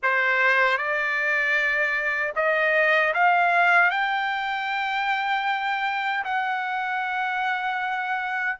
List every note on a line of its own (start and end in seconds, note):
0.02 0.77 C5
0.77 2.33 D5
2.35 3.13 D#5
3.14 3.90 F5
3.90 6.24 G5
6.24 8.58 F#5